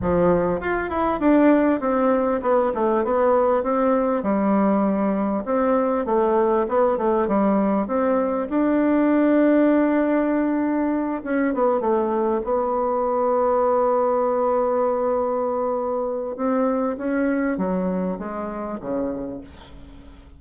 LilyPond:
\new Staff \with { instrumentName = "bassoon" } { \time 4/4 \tempo 4 = 99 f4 f'8 e'8 d'4 c'4 | b8 a8 b4 c'4 g4~ | g4 c'4 a4 b8 a8 | g4 c'4 d'2~ |
d'2~ d'8 cis'8 b8 a8~ | a8 b2.~ b8~ | b2. c'4 | cis'4 fis4 gis4 cis4 | }